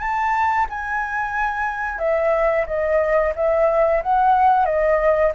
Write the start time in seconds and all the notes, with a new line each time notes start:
0.00 A5
0.70 G#5
1.99 E5
2.67 D#5
3.36 E5
4.03 F#5
4.66 D#5